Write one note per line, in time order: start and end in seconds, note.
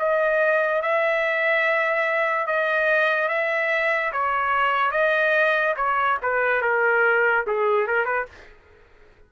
0.00 0.82 D#5
0.82 2.47 E5
2.47 3.29 D#5
3.29 4.12 E5
4.13 4.92 C#5
4.92 5.75 D#5
5.77 6.19 C#5
6.23 6.62 B4
6.62 7.45 A#4
7.47 7.87 G#4
7.87 8.06 A#4
8.06 8.27 B4